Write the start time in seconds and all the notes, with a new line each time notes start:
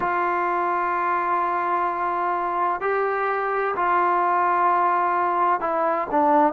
0.00 F4
2.80 G4
3.76 F4
5.60 E4
6.10 D4